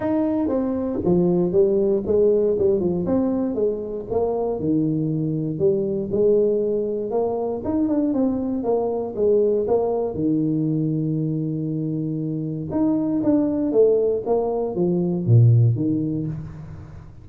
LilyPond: \new Staff \with { instrumentName = "tuba" } { \time 4/4 \tempo 4 = 118 dis'4 c'4 f4 g4 | gis4 g8 f8 c'4 gis4 | ais4 dis2 g4 | gis2 ais4 dis'8 d'8 |
c'4 ais4 gis4 ais4 | dis1~ | dis4 dis'4 d'4 a4 | ais4 f4 ais,4 dis4 | }